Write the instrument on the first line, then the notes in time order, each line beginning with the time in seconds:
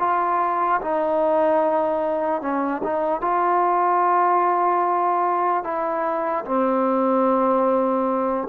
trombone
0.00 F4
0.82 D#4
2.41 C#4
2.84 D#4
3.21 F4
5.64 E4
6.45 C4